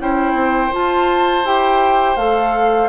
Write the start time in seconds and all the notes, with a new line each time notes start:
0.00 C#4 E4 C5 G5
0.33 C4
0.72 F4 A5
1.45 E4 G4 G5
2.17 A3 A4 F5